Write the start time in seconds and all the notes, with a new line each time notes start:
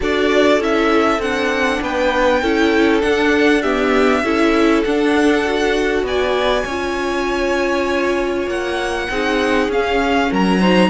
0.00 D4 F#4 A4 D5
0.59 C#4 E4 E5
1.18 C4 D4 F#5
1.81 B3 B4 G5
2.42 C#4 E4 A4
3.01 D4 F#5
3.62 B3 G4 E5
4.23 C#4 E4 A4
4.83 D4 F#5
5.45 F#4
6.02 B3 D5 G#5
6.64 C#4 F4 C#5
8.46 A#3 F#5
9.09 C4 D#4 G#4
9.68 C#4 F5
10.30 F#3 A#4 A#5
10.59 D#4 C5